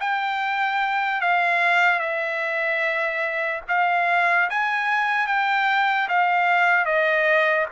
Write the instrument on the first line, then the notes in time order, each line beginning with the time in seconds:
trumpet
0.00 G5
1.21 F5
1.99 E5
3.68 F5
4.50 G#5
5.27 G5
6.08 F5
6.85 D#5